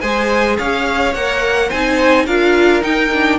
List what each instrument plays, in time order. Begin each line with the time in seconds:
0.00 cello G#3, viola G#4, violin C5 G#5
0.58 cello C#4, violin C#5 F5
1.14 cello A#3, viola A#4, violin F#5
1.68 cello C4, viola D#4, violin C5 G#5
2.26 cello D4, viola F4, violin A#4 F5
2.81 viola D#4, cello D#4, violin G5
3.12 viola D4